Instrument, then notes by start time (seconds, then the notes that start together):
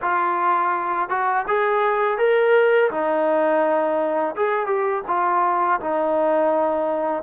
trombone
0.01 F4
1.09 F#4
1.47 G#4
2.18 A#4
2.90 D#4
4.35 G#4
4.66 G4
5.07 F4
5.80 D#4